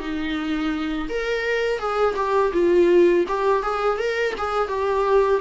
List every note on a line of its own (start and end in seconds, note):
0.00 1.08 D#4
1.09 1.79 A#4
1.79 2.15 G#4
2.16 2.52 G4
2.53 3.25 F4
3.28 3.62 G4
3.62 3.98 G#4
3.98 4.34 A#4
4.38 4.68 G#4
4.68 5.41 G4